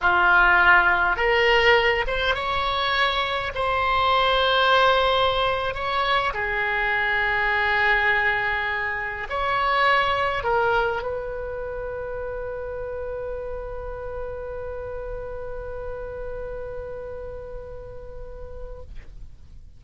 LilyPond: \new Staff \with { instrumentName = "oboe" } { \time 4/4 \tempo 4 = 102 f'2 ais'4. c''8 | cis''2 c''2~ | c''4.~ c''16 cis''4 gis'4~ gis'16~ | gis'2.~ gis'8. cis''16~ |
cis''4.~ cis''16 ais'4 b'4~ b'16~ | b'1~ | b'1~ | b'1 | }